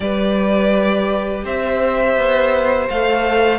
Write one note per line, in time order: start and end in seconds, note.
0.00 1.44 G3
0.00 2.89 G4
0.00 1.44 B4
0.00 1.44 D5
1.44 2.16 C4
1.44 3.58 C5
1.44 2.89 E5
2.16 2.88 B3
2.89 3.58 A3
2.89 3.58 A4
2.89 3.58 F5